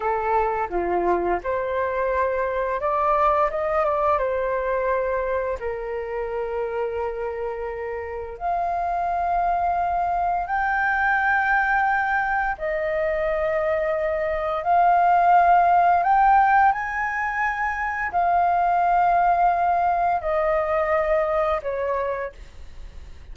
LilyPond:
\new Staff \with { instrumentName = "flute" } { \time 4/4 \tempo 4 = 86 a'4 f'4 c''2 | d''4 dis''8 d''8 c''2 | ais'1 | f''2. g''4~ |
g''2 dis''2~ | dis''4 f''2 g''4 | gis''2 f''2~ | f''4 dis''2 cis''4 | }